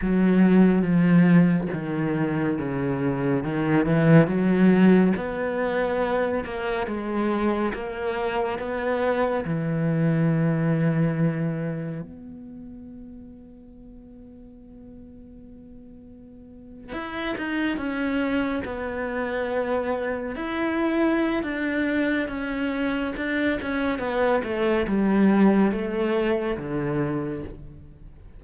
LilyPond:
\new Staff \with { instrumentName = "cello" } { \time 4/4 \tempo 4 = 70 fis4 f4 dis4 cis4 | dis8 e8 fis4 b4. ais8 | gis4 ais4 b4 e4~ | e2 b2~ |
b2.~ b8. e'16~ | e'16 dis'8 cis'4 b2 e'16~ | e'4 d'4 cis'4 d'8 cis'8 | b8 a8 g4 a4 d4 | }